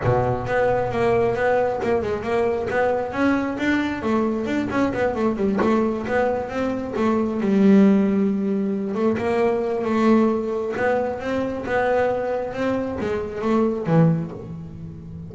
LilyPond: \new Staff \with { instrumentName = "double bass" } { \time 4/4 \tempo 4 = 134 b,4 b4 ais4 b4 | ais8 gis8 ais4 b4 cis'4 | d'4 a4 d'8 cis'8 b8 a8 | g8 a4 b4 c'4 a8~ |
a8 g2.~ g8 | a8 ais4. a2 | b4 c'4 b2 | c'4 gis4 a4 e4 | }